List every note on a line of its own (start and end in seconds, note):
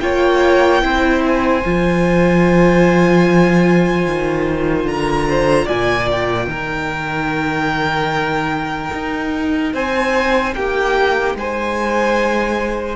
0.00 0.82 A#3
0.00 0.81 F4
0.00 0.83 C#5
0.00 1.22 G5
0.81 1.63 C4
0.81 1.62 E4
0.81 4.89 C5
1.26 4.86 G#5
1.64 4.06 F3
1.64 6.51 F4
4.06 4.85 D#3
4.85 5.66 D3
4.85 5.29 A#4
4.85 5.67 A#5
5.29 5.65 C5
5.65 6.47 A#2
5.65 6.46 D5
5.65 6.08 G#5
6.11 9.74 G5
6.47 8.90 D#3
6.47 12.95 D#4
6.47 9.73 A#4
8.93 9.73 D#4
9.73 10.54 C4
9.73 10.54 C5
9.73 10.54 G#5
10.54 11.34 A#3
10.54 11.37 G4
10.54 11.35 G5
11.34 12.95 G#3
11.34 12.95 C5
11.34 12.95 G#5